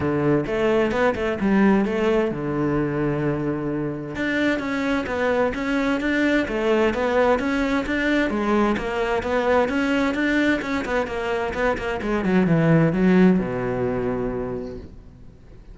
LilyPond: \new Staff \with { instrumentName = "cello" } { \time 4/4 \tempo 4 = 130 d4 a4 b8 a8 g4 | a4 d2.~ | d4 d'4 cis'4 b4 | cis'4 d'4 a4 b4 |
cis'4 d'4 gis4 ais4 | b4 cis'4 d'4 cis'8 b8 | ais4 b8 ais8 gis8 fis8 e4 | fis4 b,2. | }